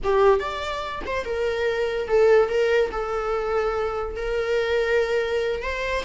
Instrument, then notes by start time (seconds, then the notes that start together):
viola
0.03 G4
0.39 D5
1.06 C5
1.24 A#4
2.08 A4
2.48 A#4
2.91 A4
4.16 A#4
5.62 C5